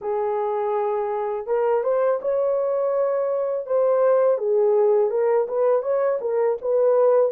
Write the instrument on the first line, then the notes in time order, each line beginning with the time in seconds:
horn
0.01 G#4
1.46 A#4
1.83 C5
2.21 C#5
3.66 C5
4.37 G#4
5.10 A#4
5.47 B4
5.82 C#5
6.20 A#4
6.61 B4